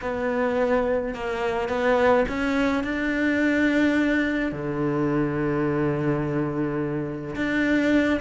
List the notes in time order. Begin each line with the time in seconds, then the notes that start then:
0.01 B3
1.14 A#3
1.68 B3
2.28 C#4
2.83 D4
4.52 D3
7.35 D4